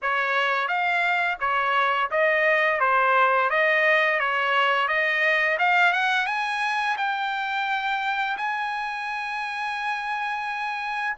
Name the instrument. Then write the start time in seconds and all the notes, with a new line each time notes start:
trumpet
0.02 C#5
0.68 F5
1.40 C#5
2.11 D#5
2.80 C5
3.49 D#5
4.19 C#5
4.87 D#5
5.58 F5
5.93 F#5
6.26 G#5
6.97 G5
8.37 G#5